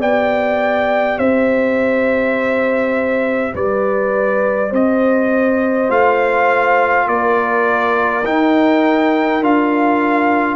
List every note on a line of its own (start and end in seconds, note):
0.00 1.18 B3
0.00 5.88 G4
0.00 1.18 D5
0.00 1.19 G5
1.18 3.54 C4
1.18 3.53 C5
1.18 3.54 E5
3.54 4.72 G3
3.54 4.70 B4
3.54 4.74 D5
4.70 5.90 C4
4.70 7.05 C5
4.70 5.91 D#5
5.88 7.07 A3
5.88 8.24 F4
5.88 7.08 F5
7.07 8.25 A#3
7.07 10.56 A#4
7.07 8.26 D5
8.25 9.41 D#4
8.25 9.43 D#4
8.25 9.43 G5
9.41 10.56 D4
9.41 10.56 F4
9.41 10.56 F5